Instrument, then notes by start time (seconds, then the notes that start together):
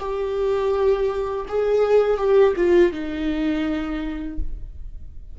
viola
0.00 G4
1.49 G#4
2.18 G4
2.57 F4
2.93 D#4